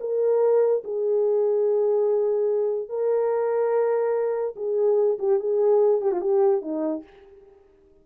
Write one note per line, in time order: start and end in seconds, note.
0.00 0.83 A#4
0.84 2.89 G#4
2.89 4.54 A#4
4.56 5.18 G#4
5.18 5.39 G4
5.39 6.01 G#4
6.01 6.11 G4
6.11 6.21 F4
6.21 6.62 G4
6.62 7.03 D#4